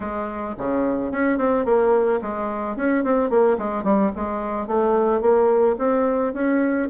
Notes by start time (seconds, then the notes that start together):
0.00 G#3
0.58 C#3
1.11 C#4
1.38 C4
1.65 A#3
2.21 G#3
2.76 C#4
3.04 C4
3.30 A#3
3.58 G#3
3.83 G3
4.15 G#3
4.67 A3
5.21 A#3
5.78 C4
6.33 C#4